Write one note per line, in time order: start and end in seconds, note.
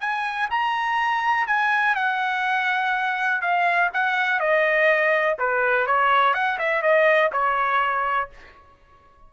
0.00 0.49 G#5
0.50 1.47 A#5
1.47 1.95 G#5
1.95 3.41 F#5
3.41 3.90 F5
3.94 4.40 F#5
4.40 5.37 D#5
5.39 5.87 B4
5.87 6.34 C#5
6.34 6.58 F#5
6.59 6.82 E5
6.82 7.31 D#5
7.32 8.30 C#5